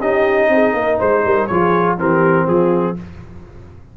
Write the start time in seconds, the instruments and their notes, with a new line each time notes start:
0.00 tuba C#4, trombone D#4, horn G4, trumpet D#5
0.49 tuba C4, horn G#4
0.74 tuba A#3, horn A#4
0.98 tuba G#3, horn C5, trumpet C5
1.25 tuba G3, horn A#4
1.47 tuba F3, trombone F4, horn G#4, trumpet C#5
1.98 tuba E3, trombone C4, horn G4, trumpet A#4
2.46 tuba F3, horn F4, trumpet G#4